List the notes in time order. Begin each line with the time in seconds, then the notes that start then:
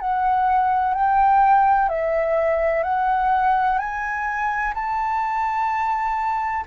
0.00 F#5
0.94 G5
1.89 E5
2.83 F#5
3.78 G#5
4.74 A5